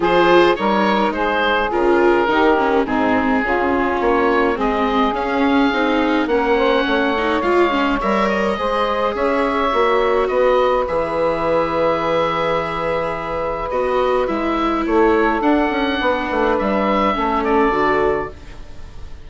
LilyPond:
<<
  \new Staff \with { instrumentName = "oboe" } { \time 4/4 \tempo 4 = 105 c''4 cis''4 c''4 ais'4~ | ais'4 gis'2 cis''4 | dis''4 f''2 fis''4~ | fis''4 f''4 e''8 dis''4. |
e''2 dis''4 e''4~ | e''1 | dis''4 e''4 cis''4 fis''4~ | fis''4 e''4. d''4. | }
  \new Staff \with { instrumentName = "saxophone" } { \time 4/4 gis'4 ais'4 gis'2 | g'4 dis'4 f'2 | gis'2. ais'8 c''8 | cis''2. c''4 |
cis''2 b'2~ | b'1~ | b'2 a'2 | b'2 a'2 | }
  \new Staff \with { instrumentName = "viola" } { \time 4/4 f'4 dis'2 f'4 | dis'8 cis'8 c'4 cis'2 | c'4 cis'4 dis'4 cis'4~ | cis'8 dis'8 f'8 cis'8 ais'4 gis'4~ |
gis'4 fis'2 gis'4~ | gis'1 | fis'4 e'2 d'4~ | d'2 cis'4 fis'4 | }
  \new Staff \with { instrumentName = "bassoon" } { \time 4/4 f4 g4 gis4 cis4 | dis4 gis,4 cis4 ais4 | gis4 cis'4 c'4 ais4 | a4 gis4 g4 gis4 |
cis'4 ais4 b4 e4~ | e1 | b4 gis4 a4 d'8 cis'8 | b8 a8 g4 a4 d4 | }
>>